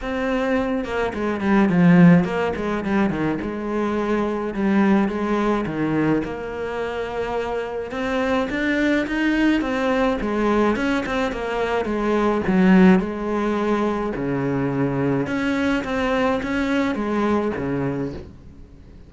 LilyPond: \new Staff \with { instrumentName = "cello" } { \time 4/4 \tempo 4 = 106 c'4. ais8 gis8 g8 f4 | ais8 gis8 g8 dis8 gis2 | g4 gis4 dis4 ais4~ | ais2 c'4 d'4 |
dis'4 c'4 gis4 cis'8 c'8 | ais4 gis4 fis4 gis4~ | gis4 cis2 cis'4 | c'4 cis'4 gis4 cis4 | }